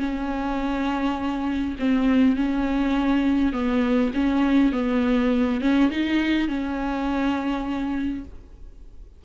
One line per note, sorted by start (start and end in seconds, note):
0.00 1.76 C#4
1.80 2.37 C4
2.37 3.53 C#4
3.53 4.12 B3
4.14 4.73 C#4
4.73 5.61 B3
5.61 5.91 C#4
5.91 6.48 D#4
6.48 8.25 C#4